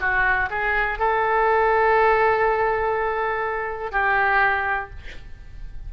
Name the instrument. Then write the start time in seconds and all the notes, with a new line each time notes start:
oboe
0.00 F#4
0.50 G#4
0.99 A4
3.92 G4